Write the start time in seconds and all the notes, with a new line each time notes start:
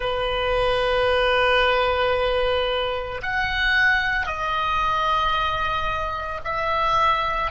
0.00 B4
3.22 F#5
4.26 D#5
6.44 E5